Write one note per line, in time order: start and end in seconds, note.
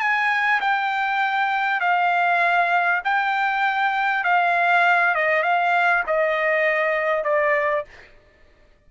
0.00 0.61 G#5
0.61 1.80 G5
1.80 3.02 F5
3.04 4.24 G5
4.24 5.15 F5
5.15 5.43 D#5
5.43 6.04 F5
6.07 7.24 D#5
7.24 7.85 D5